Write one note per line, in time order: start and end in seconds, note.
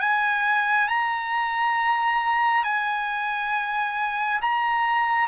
0.00 0.88 G#5
0.88 2.64 A#5
2.64 4.40 G#5
4.41 5.27 A#5